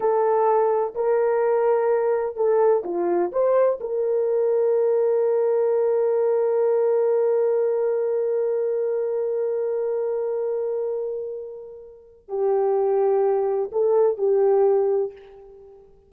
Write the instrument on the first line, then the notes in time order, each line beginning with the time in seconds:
horn
0.00 A4
0.94 A#4
2.36 A4
2.84 F4
3.32 C5
3.80 A#4
12.28 G4
13.72 A4
14.17 G4